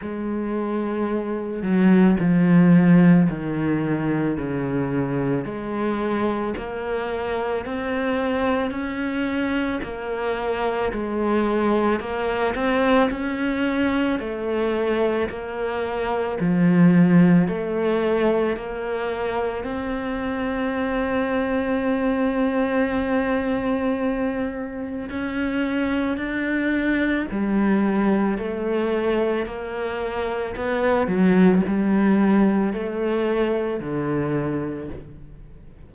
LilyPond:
\new Staff \with { instrumentName = "cello" } { \time 4/4 \tempo 4 = 55 gis4. fis8 f4 dis4 | cis4 gis4 ais4 c'4 | cis'4 ais4 gis4 ais8 c'8 | cis'4 a4 ais4 f4 |
a4 ais4 c'2~ | c'2. cis'4 | d'4 g4 a4 ais4 | b8 fis8 g4 a4 d4 | }